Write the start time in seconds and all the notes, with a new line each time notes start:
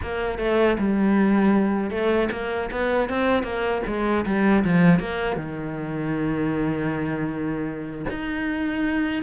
0.01 A#3
0.38 A3
0.78 G3
1.90 A3
2.31 A#3
2.71 B3
3.09 C4
3.43 A#3
3.87 G#3
4.25 G3
4.64 F3
4.99 A#3
5.36 D#3
8.09 D#4